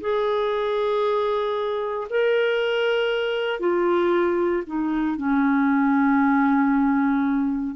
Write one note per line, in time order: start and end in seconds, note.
0.00 2.07 G#4
2.09 3.59 A#4
3.59 4.63 F4
4.66 5.17 D#4
5.17 7.75 C#4